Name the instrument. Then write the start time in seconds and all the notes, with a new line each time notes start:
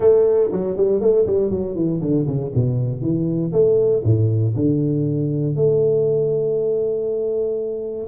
tuba
0.00 A3
0.52 F#3
0.77 G3
1.00 A3
1.26 G3
1.50 F#3
1.75 E3
2.01 D3
2.26 C#3
2.54 B2
3.01 E3
3.52 A3
4.04 A2
4.55 D3
5.55 A3